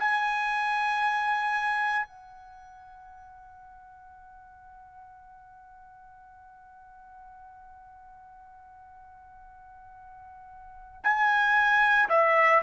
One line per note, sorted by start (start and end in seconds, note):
0.00 2.07 G#5
2.07 11.01 F#5
11.04 12.10 G#5
12.10 12.62 E5